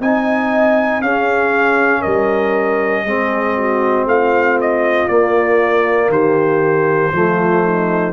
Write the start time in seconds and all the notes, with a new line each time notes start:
0.00 C4 D#4 D#5 G#5
1.01 C#4 G#4 F5
2.01 G3 A#4 D#5
3.04 G#3 C4 G#4
3.56 F#4
4.05 A3 F4 F5
4.61 D#5
5.08 A#3 D5
6.08 D#3 G4 C5
7.12 F3 A3 F4
7.63 D#4